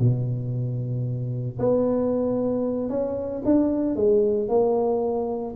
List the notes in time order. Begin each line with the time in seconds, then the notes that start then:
0.00 B2
1.60 B3
2.90 C#4
3.45 D4
3.96 G#3
4.49 A#3